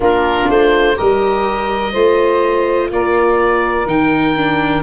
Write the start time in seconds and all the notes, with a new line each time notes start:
0.00 A#3 D4 F4 A#4
0.49 A3 C5
0.95 G3 G4 A#4 D#5
1.92 A3 F4 C5
2.90 A#3 A#4 D5
3.86 D#3 D#4 G5
4.36 D4